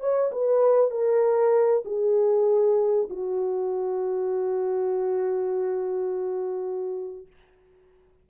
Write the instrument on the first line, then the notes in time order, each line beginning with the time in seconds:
horn
0.00 C#5
0.32 B4
0.91 A#4
1.85 G#4
3.10 F#4